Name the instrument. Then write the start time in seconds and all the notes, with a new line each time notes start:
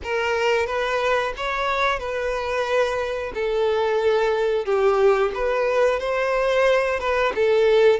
violin
0.03 A#4
0.66 B4
1.36 C#5
1.98 B4
3.34 A4
4.65 G4
5.34 B4
5.99 C5
6.99 B4
7.35 A4